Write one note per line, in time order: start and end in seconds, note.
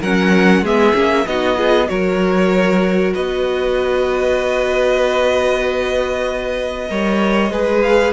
0.00 0.62 F#3
0.00 0.65 C#4
0.00 0.62 A#4
0.00 0.65 F#5
0.62 0.93 G#3
0.62 0.93 B3
0.62 1.25 G#4
0.62 1.27 E5
0.93 1.26 A#3
0.93 1.25 C#4
1.26 1.89 B3
1.26 1.57 D#4
1.26 1.57 F#4
1.26 1.88 D#5
1.57 1.87 F4
1.57 1.88 G#4
1.87 3.15 F#3
1.87 6.87 F#4
1.87 3.14 A#4
1.87 3.13 C#5
3.14 6.90 B3
3.14 6.89 B4
3.14 7.82 D#5
6.88 7.51 G3
6.88 7.51 A#4
6.88 7.52 C#5
7.51 8.13 G#3
7.51 8.13 G#4
7.51 8.13 B4
7.82 8.13 F5